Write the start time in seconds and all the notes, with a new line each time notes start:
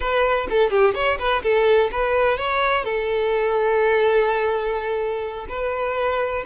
0.00 B4
0.49 A4
0.70 G4
0.94 C#5
1.18 B4
1.42 A4
1.91 B4
2.37 C#5
2.84 A4
5.48 B4